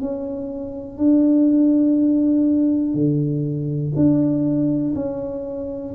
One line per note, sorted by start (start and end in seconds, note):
0.00 0.97 C#4
0.97 2.94 D4
2.94 3.92 D3
3.96 4.94 D4
4.95 5.93 C#4